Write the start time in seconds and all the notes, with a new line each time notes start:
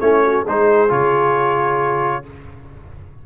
0.00 A3 C#4 E4 C#5
0.25 F#4
0.43 G#3 D#4 G#4 C5
0.89 C#3 F4 C#5